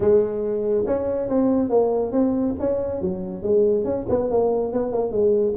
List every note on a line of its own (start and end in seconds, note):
0.00 0.84 G#3
0.86 1.28 C#4
1.28 1.69 C4
1.69 2.12 A#3
2.12 2.55 C4
2.59 3.01 C#4
3.01 3.42 F#3
3.42 3.84 G#3
3.84 4.06 C#4
4.09 4.30 B3
4.30 4.72 A#3
4.72 4.92 B3
4.92 5.11 A#3
5.11 5.54 G#3